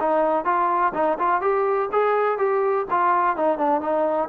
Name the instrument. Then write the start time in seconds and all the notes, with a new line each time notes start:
trombone
0.00 D#4
0.45 F4
0.94 D#4
1.19 F4
1.41 G4
1.92 G#4
2.38 G4
2.90 F4
3.36 D#4
3.58 D4
3.81 D#4